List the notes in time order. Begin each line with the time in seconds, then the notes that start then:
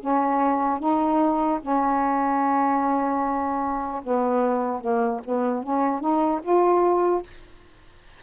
0.00 C#4
0.80 D#4
1.62 C#4
4.04 B3
4.81 A#3
5.25 B3
5.63 C#4
6.01 D#4
6.43 F4